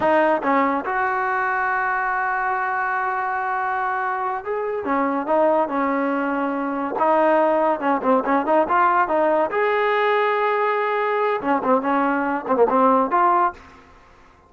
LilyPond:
\new Staff \with { instrumentName = "trombone" } { \time 4/4 \tempo 4 = 142 dis'4 cis'4 fis'2~ | fis'1~ | fis'2~ fis'8 gis'4 cis'8~ | cis'8 dis'4 cis'2~ cis'8~ |
cis'8 dis'2 cis'8 c'8 cis'8 | dis'8 f'4 dis'4 gis'4.~ | gis'2. cis'8 c'8 | cis'4. c'16 ais16 c'4 f'4 | }